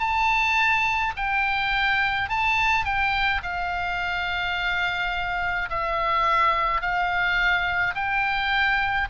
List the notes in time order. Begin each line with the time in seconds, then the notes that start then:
0.00 A5
1.17 G5
2.30 A5
2.85 G5
3.43 F5
5.70 E5
6.82 F5
7.96 G5